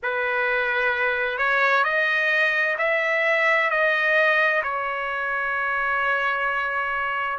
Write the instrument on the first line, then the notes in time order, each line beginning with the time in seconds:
trumpet
0.03 B4
1.38 C#5
1.84 D#5
2.77 E5
3.70 D#5
4.63 C#5